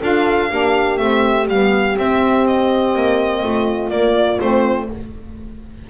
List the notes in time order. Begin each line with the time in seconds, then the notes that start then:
0.00 D4 F4 A4 F5
0.49 A#3 D4 G4
0.97 A3 C4 E5
1.48 G3 B3 F5
1.95 C4 E5
2.47 D#5
2.95 A#3
3.43 A3 F4
3.90 A#3 D5
4.40 A3 C4 C5